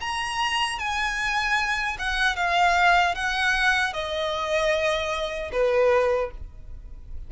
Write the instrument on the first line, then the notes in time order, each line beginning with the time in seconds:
violin
0.00 A#5
0.79 G#5
1.98 F#5
2.36 F5
3.15 F#5
3.93 D#5
5.52 B4